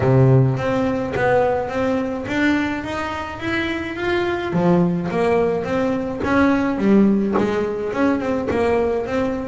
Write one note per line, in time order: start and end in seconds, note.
0.00 0.57 C3
0.57 1.13 C4
1.15 1.68 B3
1.68 2.25 C4
2.27 2.84 D4
2.84 3.39 D#4
3.39 3.96 E4
3.96 4.52 F4
4.53 5.09 F3
5.10 5.64 A#3
5.64 6.20 C4
6.24 6.77 C#4
6.77 7.34 G3
7.37 7.92 G#3
7.92 8.19 C#4
8.19 8.48 C4
8.50 9.06 A#3
9.06 9.47 C4